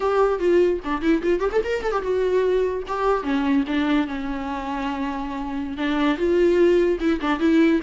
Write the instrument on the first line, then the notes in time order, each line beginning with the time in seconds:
viola
0.00 G4
0.39 F4
0.84 D4
1.01 E4
1.22 F4
1.39 G4
1.52 A4
1.64 A#4
1.83 A4
1.91 G4
2.02 F#4
2.87 G4
3.23 C#4
3.67 D4
4.07 C#4
5.77 D4
6.17 F4
6.99 E4
7.21 D4
7.39 E4